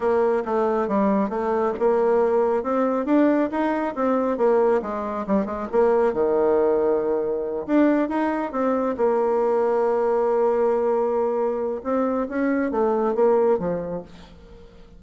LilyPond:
\new Staff \with { instrumentName = "bassoon" } { \time 4/4 \tempo 4 = 137 ais4 a4 g4 a4 | ais2 c'4 d'4 | dis'4 c'4 ais4 gis4 | g8 gis8 ais4 dis2~ |
dis4. d'4 dis'4 c'8~ | c'8 ais2.~ ais8~ | ais2. c'4 | cis'4 a4 ais4 f4 | }